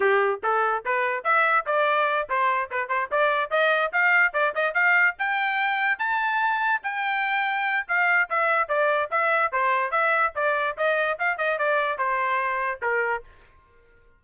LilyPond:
\new Staff \with { instrumentName = "trumpet" } { \time 4/4 \tempo 4 = 145 g'4 a'4 b'4 e''4 | d''4. c''4 b'8 c''8 d''8~ | d''8 dis''4 f''4 d''8 dis''8 f''8~ | f''8 g''2 a''4.~ |
a''8 g''2~ g''8 f''4 | e''4 d''4 e''4 c''4 | e''4 d''4 dis''4 f''8 dis''8 | d''4 c''2 ais'4 | }